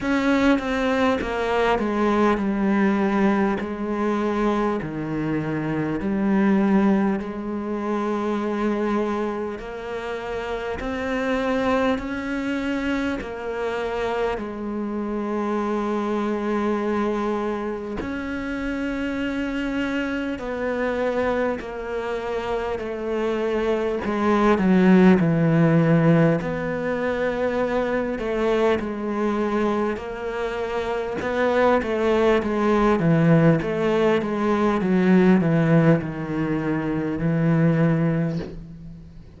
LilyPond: \new Staff \with { instrumentName = "cello" } { \time 4/4 \tempo 4 = 50 cis'8 c'8 ais8 gis8 g4 gis4 | dis4 g4 gis2 | ais4 c'4 cis'4 ais4 | gis2. cis'4~ |
cis'4 b4 ais4 a4 | gis8 fis8 e4 b4. a8 | gis4 ais4 b8 a8 gis8 e8 | a8 gis8 fis8 e8 dis4 e4 | }